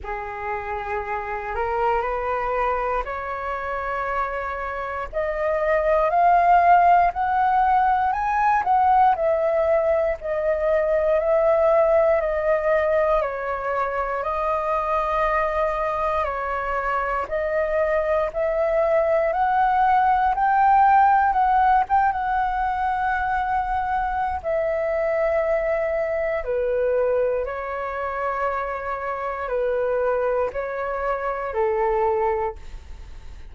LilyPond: \new Staff \with { instrumentName = "flute" } { \time 4/4 \tempo 4 = 59 gis'4. ais'8 b'4 cis''4~ | cis''4 dis''4 f''4 fis''4 | gis''8 fis''8 e''4 dis''4 e''4 | dis''4 cis''4 dis''2 |
cis''4 dis''4 e''4 fis''4 | g''4 fis''8 g''16 fis''2~ fis''16 | e''2 b'4 cis''4~ | cis''4 b'4 cis''4 a'4 | }